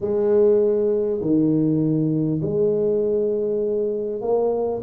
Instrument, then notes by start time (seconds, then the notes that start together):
tuba
0.00 G#3
1.21 D#3
2.42 G#3
4.21 A#3